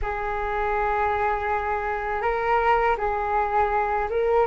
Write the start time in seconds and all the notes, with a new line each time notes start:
0.02 G#4
2.22 A#4
2.97 G#4
4.09 A#4